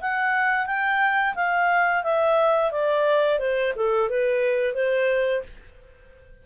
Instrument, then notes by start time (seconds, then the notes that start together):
clarinet
0.00 F#5
0.66 G5
1.35 F5
2.03 E5
2.71 D5
3.38 C5
3.75 A4
4.09 B4
4.74 C5